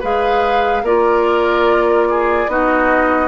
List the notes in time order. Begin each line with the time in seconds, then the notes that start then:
0.00 G#3 G#4 B4 F5
0.82 A#3 F4 A#4 D5
2.10 G#4
2.48 B3 D#4 F#4 D#5